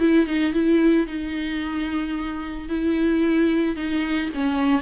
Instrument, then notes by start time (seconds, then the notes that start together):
viola
0.00 E4
0.27 D#4
0.54 E4
1.07 D#4
2.69 E4
3.76 D#4
4.35 C#4